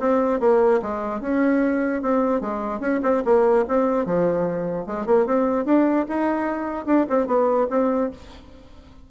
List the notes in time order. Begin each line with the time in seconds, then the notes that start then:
0.00 C4
0.40 A#3
0.82 G#3
1.21 C#4
2.02 C4
2.41 G#3
2.80 C#4
3.03 C4
3.25 A#3
3.68 C4
4.06 F3
4.87 G#3
5.06 A#3
5.26 C4
5.66 D4
6.09 D#4
6.86 D4
7.10 C4
7.27 B3
7.70 C4